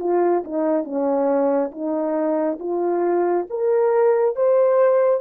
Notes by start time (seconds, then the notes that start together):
0.00 F4
0.44 D#4
0.84 C#4
1.72 D#4
2.60 F4
3.50 A#4
4.36 C5